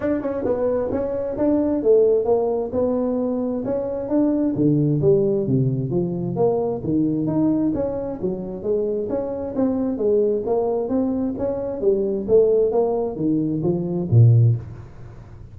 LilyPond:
\new Staff \with { instrumentName = "tuba" } { \time 4/4 \tempo 4 = 132 d'8 cis'8 b4 cis'4 d'4 | a4 ais4 b2 | cis'4 d'4 d4 g4 | c4 f4 ais4 dis4 |
dis'4 cis'4 fis4 gis4 | cis'4 c'4 gis4 ais4 | c'4 cis'4 g4 a4 | ais4 dis4 f4 ais,4 | }